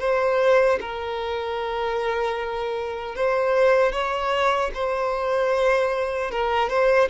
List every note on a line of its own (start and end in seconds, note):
0.00 0.79 C5
0.80 3.15 A#4
3.15 3.92 C5
3.92 4.71 C#5
4.74 6.31 C5
6.31 6.69 A#4
6.69 7.09 C5